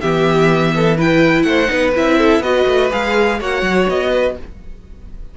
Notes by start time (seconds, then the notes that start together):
0.00 E3 B3 G4 E5
0.75 A4
0.97 E4 B4 G5
1.42 A3 C5 F#5
1.66 B3 D#4 B4
1.95 C4 E4 E5
2.18 A4
2.39 B3 F#4 B4 D#5
2.67 A3
2.90 G#3 G#4 F5
3.40 A#3 F#4 C#5 F#5
3.62 F#3
3.88 B3 D#5
4.10 B4